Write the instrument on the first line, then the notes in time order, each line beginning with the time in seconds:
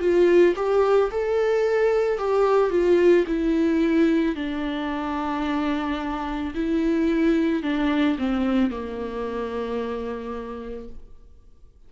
viola
0.00 F4
0.56 G4
1.11 A4
2.18 G4
2.70 F4
3.27 E4
4.36 D4
6.55 E4
7.63 D4
8.18 C4
8.71 A#3